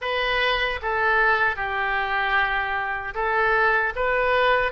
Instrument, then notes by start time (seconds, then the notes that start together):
oboe
0.01 B4
0.82 A4
1.56 G4
3.14 A4
3.95 B4